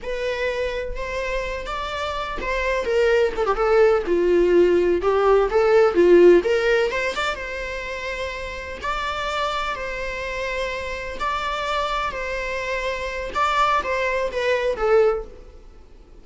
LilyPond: \new Staff \with { instrumentName = "viola" } { \time 4/4 \tempo 4 = 126 b'2 c''4. d''8~ | d''4 c''4 ais'4 a'16 g'16 a'8~ | a'8 f'2 g'4 a'8~ | a'8 f'4 ais'4 c''8 d''8 c''8~ |
c''2~ c''8 d''4.~ | d''8 c''2. d''8~ | d''4. c''2~ c''8 | d''4 c''4 b'4 a'4 | }